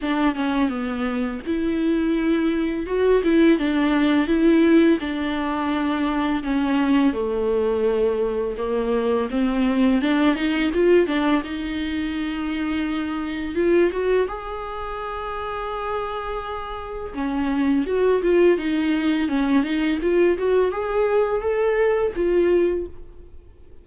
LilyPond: \new Staff \with { instrumentName = "viola" } { \time 4/4 \tempo 4 = 84 d'8 cis'8 b4 e'2 | fis'8 e'8 d'4 e'4 d'4~ | d'4 cis'4 a2 | ais4 c'4 d'8 dis'8 f'8 d'8 |
dis'2. f'8 fis'8 | gis'1 | cis'4 fis'8 f'8 dis'4 cis'8 dis'8 | f'8 fis'8 gis'4 a'4 f'4 | }